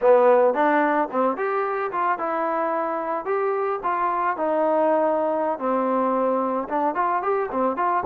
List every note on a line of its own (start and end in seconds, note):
0.01 0.53 B3
0.53 1.08 D4
1.11 1.36 C4
1.36 1.91 G4
1.91 2.18 F4
2.18 3.25 E4
3.25 3.79 G4
3.83 4.36 F4
4.36 5.58 D#4
5.58 6.67 C4
6.68 6.94 D4
6.94 7.22 F4
7.22 7.49 G4
7.51 7.76 C4
7.76 8.03 F4